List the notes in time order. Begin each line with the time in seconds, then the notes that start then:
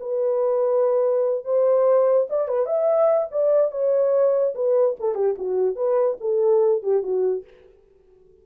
0.00 B4
1.45 C5
2.29 D5
2.48 B4
2.66 E5
3.31 D5
3.71 C#5
4.55 B4
4.99 A4
5.15 G4
5.38 F#4
5.76 B4
6.21 A4
6.83 G4
7.03 F#4